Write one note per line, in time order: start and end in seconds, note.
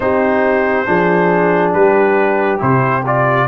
0.00 0.86 C4
0.00 0.86 D#4
0.00 0.86 G4
0.00 1.72 C5
0.86 1.73 F3
0.86 2.58 D4
0.86 1.73 G#4
1.73 2.60 G3
1.73 3.47 G4
1.73 2.60 B4
2.58 3.47 C3
2.58 3.02 E4
2.58 3.04 C5
3.05 3.47 F4
3.05 3.47 D5